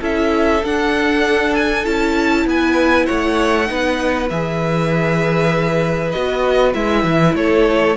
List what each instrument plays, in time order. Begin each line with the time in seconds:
0.00 cello C#4, viola E4, violin A4 E5
0.64 cello D4, viola D4, violin F#5
1.55 violin G#5
1.84 cello C#4, viola E4, violin A5
2.46 cello B3, violin B4 G#5
3.06 cello A3, violin C#5 F#5
3.66 cello B3, viola D#4, violin B4
4.29 cello E3, viola G#4, violin E5
6.11 cello B3, viola F#4, violin D#5
6.73 cello G#3, viola E4, violin E5
7.04 cello E3
7.34 cello A3, violin A4 C#5